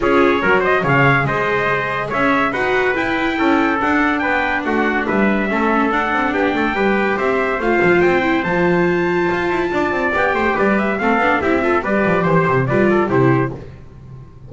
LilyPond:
<<
  \new Staff \with { instrumentName = "trumpet" } { \time 4/4 \tempo 4 = 142 cis''4. dis''8 f''4 dis''4~ | dis''4 e''4 fis''4 g''4~ | g''4 fis''4 g''4 fis''4 | e''2 fis''4 g''4~ |
g''4 e''4 f''4 g''4 | a''1 | g''4 d''8 e''8 f''4 e''4 | d''4 c''4 d''4 c''4 | }
  \new Staff \with { instrumentName = "trumpet" } { \time 4/4 gis'4 ais'8 c''8 cis''4 c''4~ | c''4 cis''4 b'2 | a'2 b'4 fis'4 | b'4 a'2 g'8 a'8 |
b'4 c''2.~ | c''2. d''4~ | d''8 c''8 b'4 a'4 g'8 a'8 | b'4 c''4 b'8 a'8 g'4 | }
  \new Staff \with { instrumentName = "viola" } { \time 4/4 f'4 fis'4 gis'2~ | gis'2 fis'4 e'4~ | e'4 d'2.~ | d'4 cis'4 d'2 |
g'2 f'4. e'8 | f'1 | g'2 c'8 d'8 e'8 f'8 | g'2 f'4 e'4 | }
  \new Staff \with { instrumentName = "double bass" } { \time 4/4 cis'4 fis4 cis4 gis4~ | gis4 cis'4 dis'4 e'4 | cis'4 d'4 b4 a4 | g4 a4 d'8 c'8 b8 a8 |
g4 c'4 a8 f8 c'4 | f2 f'8 e'8 d'8 c'8 | b8 a8 g4 a8 b8 c'4 | g8 f8 e8 c8 g4 c4 | }
>>